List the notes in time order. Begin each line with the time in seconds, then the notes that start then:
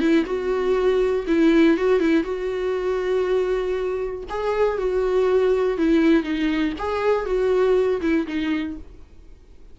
0.00 E4
0.25 F#4
1.27 E4
1.77 F#4
2.00 E4
2.24 F#4
4.29 G#4
4.78 F#4
5.77 E4
6.23 D#4
6.79 G#4
7.26 F#4
8.01 E4
8.27 D#4